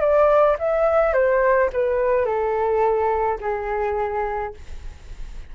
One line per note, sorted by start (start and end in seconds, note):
0.00 0.57 D5
0.59 1.13 E5
1.13 1.70 C5
1.73 2.26 B4
2.26 3.39 A4
3.41 4.54 G#4